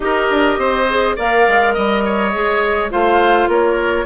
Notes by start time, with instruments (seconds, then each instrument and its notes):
0.00 bassoon D#4, clarinet G4, oboe A#4, flute D#5
0.30 bassoon D4
0.58 bassoon C4, oboe C5
0.89 clarinet G#4
1.16 bassoon A#3, clarinet A#4, oboe D5, flute F5
1.47 bassoon G#3
1.73 bassoon G3, flute D#5, oboe D#5
2.05 oboe C#5
2.33 bassoon G#3, clarinet G#4
2.90 bassoon A3, clarinet F4, oboe C5, flute F5
3.48 bassoon A#3, oboe A#4, flute C#5